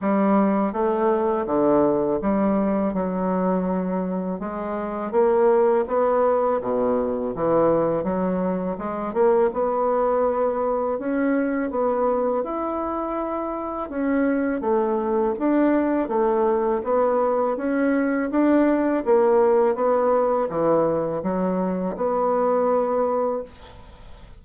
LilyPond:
\new Staff \with { instrumentName = "bassoon" } { \time 4/4 \tempo 4 = 82 g4 a4 d4 g4 | fis2 gis4 ais4 | b4 b,4 e4 fis4 | gis8 ais8 b2 cis'4 |
b4 e'2 cis'4 | a4 d'4 a4 b4 | cis'4 d'4 ais4 b4 | e4 fis4 b2 | }